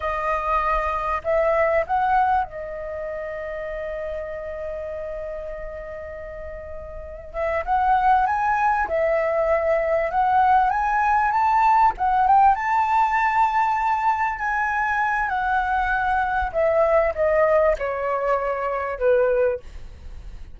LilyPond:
\new Staff \with { instrumentName = "flute" } { \time 4/4 \tempo 4 = 98 dis''2 e''4 fis''4 | dis''1~ | dis''1 | e''8 fis''4 gis''4 e''4.~ |
e''8 fis''4 gis''4 a''4 fis''8 | g''8 a''2. gis''8~ | gis''4 fis''2 e''4 | dis''4 cis''2 b'4 | }